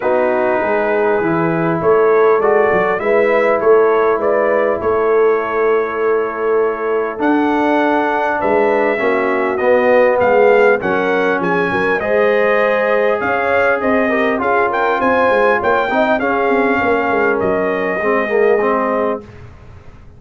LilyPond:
<<
  \new Staff \with { instrumentName = "trumpet" } { \time 4/4 \tempo 4 = 100 b'2. cis''4 | d''4 e''4 cis''4 d''4 | cis''1 | fis''2 e''2 |
dis''4 f''4 fis''4 gis''4 | dis''2 f''4 dis''4 | f''8 g''8 gis''4 g''4 f''4~ | f''4 dis''2. | }
  \new Staff \with { instrumentName = "horn" } { \time 4/4 fis'4 gis'2 a'4~ | a'4 b'4 a'4 b'4 | a'1~ | a'2 b'4 fis'4~ |
fis'4 gis'4 ais'4 gis'8 ais'8 | c''2 cis''4 c''8 ais'8 | gis'8 ais'8 c''4 cis''8 dis''8 gis'4 | ais'2 gis'2 | }
  \new Staff \with { instrumentName = "trombone" } { \time 4/4 dis'2 e'2 | fis'4 e'2.~ | e'1 | d'2. cis'4 |
b2 cis'2 | gis'2.~ gis'8 g'8 | f'2~ f'8 dis'8 cis'4~ | cis'2 c'8 ais8 c'4 | }
  \new Staff \with { instrumentName = "tuba" } { \time 4/4 b4 gis4 e4 a4 | gis8 fis8 gis4 a4 gis4 | a1 | d'2 gis4 ais4 |
b4 gis4 fis4 f8 fis8 | gis2 cis'4 c'4 | cis'4 c'8 gis8 ais8 c'8 cis'8 c'8 | ais8 gis8 fis4 gis2 | }
>>